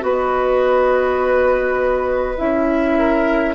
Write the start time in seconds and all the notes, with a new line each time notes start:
0.00 B3 F#4 B4 D#5
2.37 C#4 E4 E5
2.99 A#4